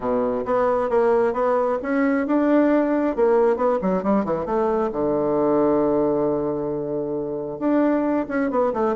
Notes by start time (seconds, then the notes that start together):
0.00 B2
0.45 B3
0.89 A#3
1.33 B3
1.82 C#4
2.27 D4
3.16 A#3
3.56 B3
3.81 F#3
4.03 G3
4.24 E3
4.45 A3
4.92 D3
7.59 D4
8.28 C#4
8.50 B3
8.73 A3